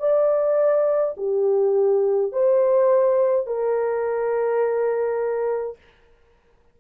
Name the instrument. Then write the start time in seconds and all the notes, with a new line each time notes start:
horn
0.00 D5
1.17 G4
2.32 C5
3.47 A#4